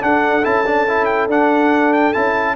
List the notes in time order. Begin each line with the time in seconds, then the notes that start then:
0.00 D4 A4 F#5
0.44 C#4 E4 A5
0.66 D4
0.88 E4
1.05 G5
1.28 D4 F#5
1.94 G5
2.13 C#4 E4 A5